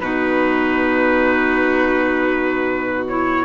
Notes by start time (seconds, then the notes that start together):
0.00 B2 D#4 F#4 B4
3.08 E4 C#5